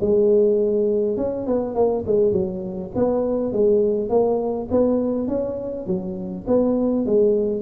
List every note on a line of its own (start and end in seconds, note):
0.00 1.17 G#3
1.17 1.46 C#4
1.46 1.75 B3
1.75 2.04 A#3
2.06 2.32 G#3
2.32 2.91 F#3
2.95 3.52 B3
3.52 4.09 G#3
4.09 4.68 A#3
4.71 5.28 B3
5.28 5.86 C#4
5.86 6.45 F#3
6.47 7.05 B3
7.05 7.61 G#3